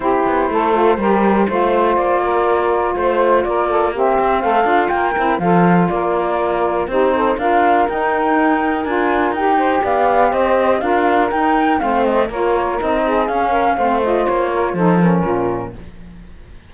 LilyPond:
<<
  \new Staff \with { instrumentName = "flute" } { \time 4/4 \tempo 4 = 122 c''1 | d''2 c''4 d''4 | e''4 f''4 g''4 f''4 | d''2 c''4 f''4 |
g''2 gis''4 g''4 | f''4 dis''4 f''4 g''4 | f''8 dis''8 cis''4 dis''4 f''4~ | f''8 dis''8 cis''4 c''8 ais'4. | }
  \new Staff \with { instrumentName = "saxophone" } { \time 4/4 g'4 a'4 ais'4 c''4~ | c''8 ais'4. c''4 ais'8 a'8 | g'4 a'4 ais'4 a'4 | ais'2 g'8 a'8 ais'4~ |
ais'2.~ ais'8 c''8 | d''4 c''4 ais'2 | c''4 ais'4. gis'4 ais'8 | c''4. ais'8 a'4 f'4 | }
  \new Staff \with { instrumentName = "saxophone" } { \time 4/4 e'4. f'8 g'4 f'4~ | f'1 | c'4. f'4 e'8 f'4~ | f'2 dis'4 f'4 |
dis'2 f'4 g'4~ | g'2 f'4 dis'4 | c'4 f'4 dis'4 cis'4 | c'8 f'4. dis'8 cis'4. | }
  \new Staff \with { instrumentName = "cello" } { \time 4/4 c'8 b8 a4 g4 a4 | ais2 a4 ais4~ | ais8 c'8 a8 d'8 ais8 c'8 f4 | ais2 c'4 d'4 |
dis'2 d'4 dis'4 | b4 c'4 d'4 dis'4 | a4 ais4 c'4 cis'4 | a4 ais4 f4 ais,4 | }
>>